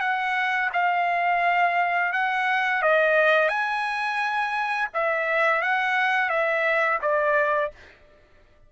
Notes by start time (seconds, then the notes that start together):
0.00 F#5
0.73 F5
2.13 F#5
2.82 D#5
3.49 G#5
4.94 E5
5.62 F#5
6.29 E5
7.02 D5